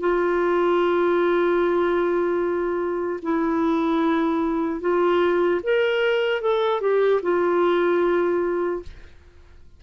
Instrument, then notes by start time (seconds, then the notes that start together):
clarinet
0.00 F4
3.22 E4
4.80 F4
5.63 A#4
6.41 A4
6.81 G4
7.22 F4